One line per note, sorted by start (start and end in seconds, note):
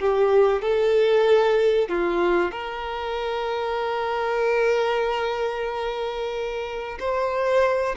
0.00 0.62 G4
0.62 1.89 A4
1.89 2.52 F4
2.52 6.98 A#4
7.00 7.95 C5